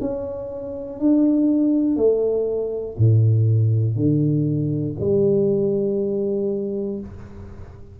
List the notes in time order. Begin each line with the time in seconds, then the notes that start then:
0.00 C#4
0.99 D4
1.96 A3
2.97 A2
3.96 D3
5.00 G3